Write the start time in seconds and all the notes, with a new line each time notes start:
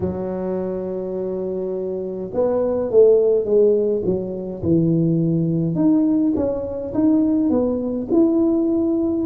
0.00 F#3
2.33 B3
2.90 A3
3.45 G#3
4.04 F#3
4.62 E3
5.75 D#4
6.36 C#4
6.93 D#4
7.49 B3
8.11 E4